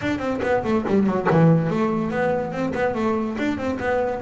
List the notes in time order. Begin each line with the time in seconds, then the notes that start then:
0.01 D4
0.18 C4
0.42 B3
0.64 A3
0.88 G3
1.06 F#3
1.30 E3
1.70 A3
2.10 B3
2.52 C4
2.74 B3
2.94 A3
3.38 D4
3.57 C4
3.79 B3